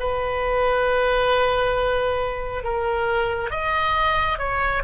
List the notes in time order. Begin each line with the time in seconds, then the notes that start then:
0.00 B4
2.64 A#4
3.51 D#5
4.39 C#5